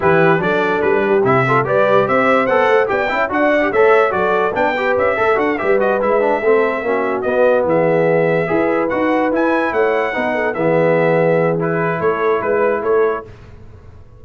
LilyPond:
<<
  \new Staff \with { instrumentName = "trumpet" } { \time 4/4 \tempo 4 = 145 b'4 d''4 b'4 e''4 | d''4 e''4 fis''4 g''4 | fis''4 e''4 d''4 g''4 | e''4 fis''8 e''8 dis''8 e''4.~ |
e''4. dis''4 e''4.~ | e''4. fis''4 gis''4 fis''8~ | fis''4. e''2~ e''8 | b'4 cis''4 b'4 cis''4 | }
  \new Staff \with { instrumentName = "horn" } { \time 4/4 g'4 a'4. g'4 a'8 | b'4 c''2 d''8 e''8 | d''4 cis''4 a'4 b'4~ | b'8 a'4 b'2 a'8~ |
a'8 fis'2 gis'4.~ | gis'8 b'2. cis''8~ | cis''8 b'8 a'8 gis'2~ gis'8~ | gis'4 a'4 b'4 a'4 | }
  \new Staff \with { instrumentName = "trombone" } { \time 4/4 e'4 d'2 e'8 f'8 | g'2 a'4 g'8 e'8 | fis'8. g'16 a'4 fis'4 d'8 g'8~ | g'8 a'8 fis'8 g'8 fis'8 e'8 d'8 c'8~ |
c'8 cis'4 b2~ b8~ | b8 gis'4 fis'4 e'4.~ | e'8 dis'4 b2~ b8 | e'1 | }
  \new Staff \with { instrumentName = "tuba" } { \time 4/4 e4 fis4 g4 c4 | g4 c'4 b8 a8 b8 cis'8 | d'4 a4 fis4 b4 | cis'8 a8 d'8 g4 gis4 a8~ |
a8 ais4 b4 e4.~ | e8 e'4 dis'4 e'4 a8~ | a8 b4 e2~ e8~ | e4 a4 gis4 a4 | }
>>